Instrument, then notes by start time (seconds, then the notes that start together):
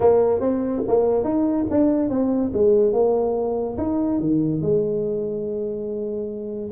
tuba
0.00 A#3
0.40 C4
0.87 A#3
1.24 D#4
1.70 D4
2.09 C4
2.53 G#3
2.92 A#3
3.77 D#4
4.19 D#3
4.61 G#3